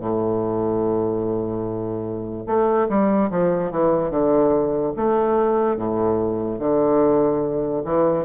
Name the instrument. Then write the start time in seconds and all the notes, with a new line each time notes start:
bassoon
0.00 A2
2.47 A3
2.89 G3
3.31 F3
3.72 E3
4.11 D3
4.97 A3
5.77 A2
6.60 D3
7.85 E3